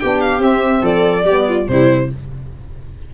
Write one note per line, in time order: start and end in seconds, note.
0.00 0.39 B3
0.00 0.40 D4
0.00 0.82 G4
0.00 0.21 G5
0.21 0.42 F5
0.39 0.81 C4
0.39 1.24 C4
0.39 0.85 E5
0.82 1.25 F3
0.82 1.24 A4
0.82 1.68 D5
1.25 1.67 G3
1.25 1.66 B3
1.25 1.47 G4
1.49 1.70 F4
1.66 2.10 C3
1.66 2.08 G3
1.66 2.14 E4
1.66 2.10 C5